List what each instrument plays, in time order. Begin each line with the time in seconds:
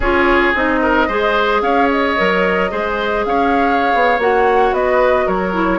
0.00 bassoon C#4, clarinet F4, oboe G#4, flute C#5
0.54 bassoon C4, clarinet D#4, flute D#5
0.82 oboe A#4
1.07 bassoon G#3, clarinet G#4, oboe C5
1.61 bassoon C#4, oboe C#5, flute F5
1.90 flute D#5
2.17 bassoon F#3, clarinet A#4
2.70 bassoon G#3, clarinet G#4, oboe C5
3.24 bassoon C#4, oboe C#5, flute F5
3.93 bassoon B3
4.18 bassoon A#3, clarinet F#4, flute F#5
4.72 bassoon B3, oboe B4, flute D#5
5.26 bassoon F#3, oboe A#4, flute C#5
5.53 clarinet E4